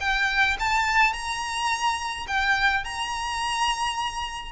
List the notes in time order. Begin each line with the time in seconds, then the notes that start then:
0.00 G5
0.59 A5
1.13 A#5
2.27 G5
2.84 A#5